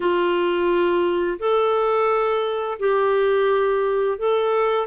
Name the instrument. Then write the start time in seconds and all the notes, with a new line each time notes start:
clarinet
0.00 F4
1.39 A4
2.79 G4
4.18 A4